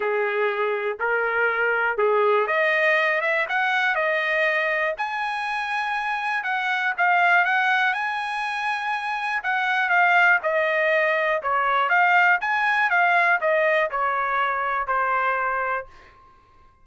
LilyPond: \new Staff \with { instrumentName = "trumpet" } { \time 4/4 \tempo 4 = 121 gis'2 ais'2 | gis'4 dis''4. e''8 fis''4 | dis''2 gis''2~ | gis''4 fis''4 f''4 fis''4 |
gis''2. fis''4 | f''4 dis''2 cis''4 | f''4 gis''4 f''4 dis''4 | cis''2 c''2 | }